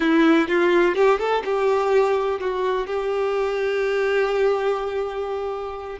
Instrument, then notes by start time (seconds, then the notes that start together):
violin
0.00 E4
0.48 F4
0.95 G4
1.19 A4
1.44 G4
2.40 F#4
2.87 G4